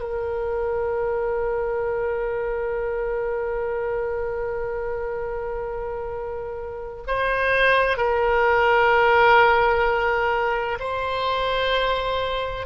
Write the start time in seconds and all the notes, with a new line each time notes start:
0.00 A#4
7.07 C5
7.97 A#4
10.79 C5